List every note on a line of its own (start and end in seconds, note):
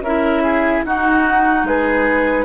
0.00 0.81 C#4
0.00 0.43 A#4
0.00 0.84 E5
0.06 0.86 E4
0.43 0.83 G#4
0.84 1.63 D#4
0.84 2.45 D#4
0.84 1.67 F#4
0.84 1.67 F#5
1.63 2.44 G#3
1.63 2.45 G#4
1.63 2.45 B4